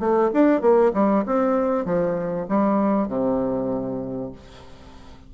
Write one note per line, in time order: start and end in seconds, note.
0.00 0.31 A3
0.33 0.62 D4
0.62 0.93 A#3
0.94 1.25 G3
1.27 1.85 C4
1.85 2.47 F3
2.49 3.08 G3
3.08 4.32 C3